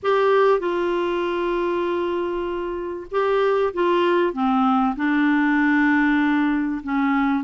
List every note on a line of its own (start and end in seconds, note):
0.03 0.59 G4
0.59 3.06 F4
3.11 3.73 G4
3.73 4.33 F4
4.33 4.95 C4
4.96 6.81 D4
6.83 7.43 C#4